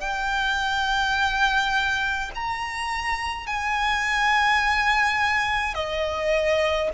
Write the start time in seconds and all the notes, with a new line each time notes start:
0.00 G5
2.35 A#5
3.47 G#5
5.74 D#5